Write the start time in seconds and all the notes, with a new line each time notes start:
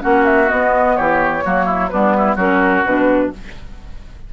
0.00 A#3 C#4 F#4 F#5
0.26 E5
0.47 B3 D#5
0.96 E3 G4 C#5
1.44 F#3 A#3 F#4
1.66 E4
1.89 G3 B3 D4 B4
2.18 E4
2.35 F#3 C#4 F#4 A#4
2.85 B2 D4 B4